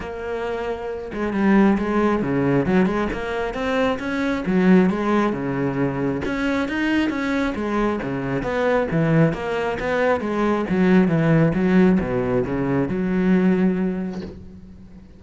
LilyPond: \new Staff \with { instrumentName = "cello" } { \time 4/4 \tempo 4 = 135 ais2~ ais8 gis8 g4 | gis4 cis4 fis8 gis8 ais4 | c'4 cis'4 fis4 gis4 | cis2 cis'4 dis'4 |
cis'4 gis4 cis4 b4 | e4 ais4 b4 gis4 | fis4 e4 fis4 b,4 | cis4 fis2. | }